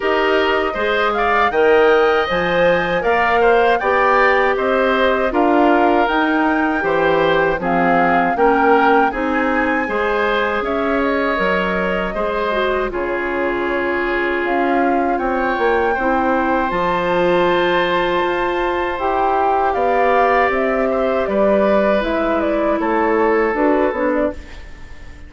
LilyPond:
<<
  \new Staff \with { instrumentName = "flute" } { \time 4/4 \tempo 4 = 79 dis''4. f''8 g''4 gis''4 | f''4 g''4 dis''4 f''4 | g''2 f''4 g''4 | gis''2 e''8 dis''4.~ |
dis''4 cis''2 f''4 | g''2 a''2~ | a''4 g''4 f''4 e''4 | d''4 e''8 d''8 cis''4 b'8 cis''16 d''16 | }
  \new Staff \with { instrumentName = "oboe" } { \time 4/4 ais'4 c''8 d''8 dis''2 | d''8 c''8 d''4 c''4 ais'4~ | ais'4 c''4 gis'4 ais'4 | gis'4 c''4 cis''2 |
c''4 gis'2. | cis''4 c''2.~ | c''2 d''4. c''8 | b'2 a'2 | }
  \new Staff \with { instrumentName = "clarinet" } { \time 4/4 g'4 gis'4 ais'4 c''4 | ais'4 g'2 f'4 | dis'4 g'4 c'4 cis'4 | dis'4 gis'2 ais'4 |
gis'8 fis'8 f'2.~ | f'4 e'4 f'2~ | f'4 g'2.~ | g'4 e'2 fis'8 d'8 | }
  \new Staff \with { instrumentName = "bassoon" } { \time 4/4 dis'4 gis4 dis4 f4 | ais4 b4 c'4 d'4 | dis'4 e4 f4 ais4 | c'4 gis4 cis'4 fis4 |
gis4 cis2 cis'4 | c'8 ais8 c'4 f2 | f'4 e'4 b4 c'4 | g4 gis4 a4 d'8 b8 | }
>>